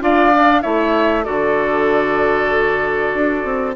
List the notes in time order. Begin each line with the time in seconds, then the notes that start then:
0.00 D4 F4 D5 F5
0.34 D4
0.61 A3 E4 C#5 E5
1.23 D3 F#4 A4 D5
3.13 D4
3.44 C4